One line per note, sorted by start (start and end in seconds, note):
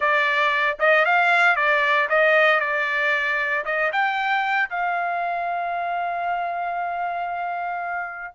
0.00 0.77 D5
0.79 1.05 D#5
1.05 1.56 F5
1.56 2.08 D5
2.09 2.60 D#5
2.60 3.64 D5
3.65 3.91 D#5
3.92 4.69 G5
4.69 8.34 F5